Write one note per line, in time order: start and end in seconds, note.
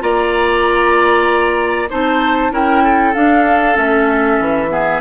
0.00 1.89 A#3
0.00 1.88 F4
0.00 1.90 D5
0.00 1.89 A#5
1.90 2.51 C4
1.90 2.51 D#4
1.90 2.52 C5
1.90 2.53 A5
2.51 3.14 C#4
2.51 3.14 E4
2.51 2.83 A#4
2.51 3.14 G5
2.83 4.71 A4
3.14 3.74 D4
3.14 3.77 D4
3.14 3.77 F5
3.74 4.39 A3
3.74 4.68 C#4
3.74 5.01 E5
4.39 5.01 E3
4.70 5.01 B3
4.70 5.01 G#4